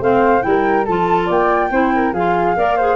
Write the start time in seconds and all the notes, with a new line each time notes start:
0.00 A3 C4 C5 F5
0.41 G3 E4 G5
0.48 A#4
0.85 F3 F4 A4 A5
1.26 A#3 D5 G5
1.70 C4 E4 C5
1.95 A#4
2.13 F3 F4 G#4 F5
2.56 A#3 A#4 D5
2.77 G#4 C5